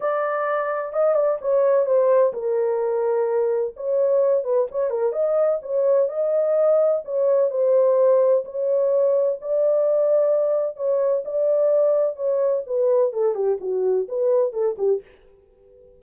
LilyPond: \new Staff \with { instrumentName = "horn" } { \time 4/4 \tempo 4 = 128 d''2 dis''8 d''8 cis''4 | c''4 ais'2. | cis''4. b'8 cis''8 ais'8 dis''4 | cis''4 dis''2 cis''4 |
c''2 cis''2 | d''2. cis''4 | d''2 cis''4 b'4 | a'8 g'8 fis'4 b'4 a'8 g'8 | }